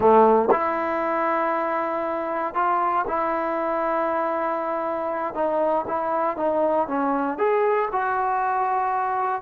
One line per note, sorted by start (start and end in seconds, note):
0.00 0.49 A3
0.51 2.54 E4
2.54 3.05 F4
3.07 5.34 E4
5.34 5.85 D#4
5.87 6.37 E4
6.37 6.87 D#4
6.87 7.38 C#4
7.38 7.88 G#4
7.91 9.42 F#4